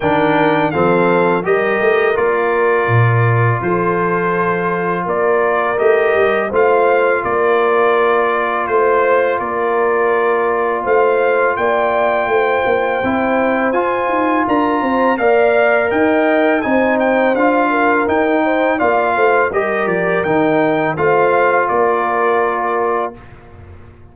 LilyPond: <<
  \new Staff \with { instrumentName = "trumpet" } { \time 4/4 \tempo 4 = 83 g''4 f''4 dis''4 d''4~ | d''4 c''2 d''4 | dis''4 f''4 d''2 | c''4 d''2 f''4 |
g''2. gis''4 | ais''4 f''4 g''4 gis''8 g''8 | f''4 g''4 f''4 dis''8 d''8 | g''4 f''4 d''2 | }
  \new Staff \with { instrumentName = "horn" } { \time 4/4 ais'4 a'4 ais'2~ | ais'4 a'2 ais'4~ | ais'4 c''4 ais'2 | c''4 ais'2 c''4 |
d''4 c''2. | ais'8 c''8 d''4 dis''4 c''4~ | c''8 ais'4 c''8 d''8 c''8 ais'4~ | ais'4 c''4 ais'2 | }
  \new Staff \with { instrumentName = "trombone" } { \time 4/4 d'4 c'4 g'4 f'4~ | f'1 | g'4 f'2.~ | f'1~ |
f'2 e'4 f'4~ | f'4 ais'2 dis'4 | f'4 dis'4 f'4 g'4 | dis'4 f'2. | }
  \new Staff \with { instrumentName = "tuba" } { \time 4/4 dis4 f4 g8 a8 ais4 | ais,4 f2 ais4 | a8 g8 a4 ais2 | a4 ais2 a4 |
ais4 a8 ais8 c'4 f'8 dis'8 | d'8 c'8 ais4 dis'4 c'4 | d'4 dis'4 ais8 a8 g8 f8 | dis4 a4 ais2 | }
>>